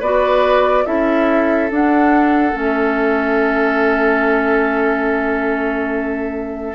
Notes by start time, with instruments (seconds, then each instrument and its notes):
0.00 bassoon B3, clarinet F#4, oboe B4, flute D5
0.85 bassoon C#4, clarinet E4, oboe A4, flute E5
1.71 bassoon D4, clarinet D4, flute F#5
2.53 bassoon A3, clarinet C#4, flute E5